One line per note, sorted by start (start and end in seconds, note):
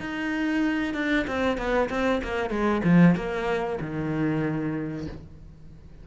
0.00 0.94 D#4
0.94 1.25 D4
1.27 1.57 C4
1.57 1.89 B3
1.89 2.21 C4
2.23 2.50 A#3
2.50 2.81 G#3
2.84 3.15 F3
3.16 3.79 A#3
3.80 5.07 D#3